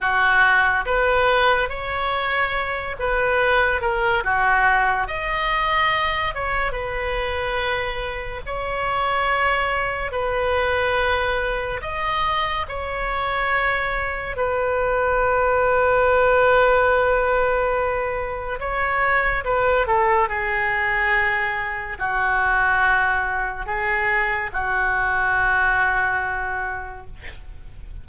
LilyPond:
\new Staff \with { instrumentName = "oboe" } { \time 4/4 \tempo 4 = 71 fis'4 b'4 cis''4. b'8~ | b'8 ais'8 fis'4 dis''4. cis''8 | b'2 cis''2 | b'2 dis''4 cis''4~ |
cis''4 b'2.~ | b'2 cis''4 b'8 a'8 | gis'2 fis'2 | gis'4 fis'2. | }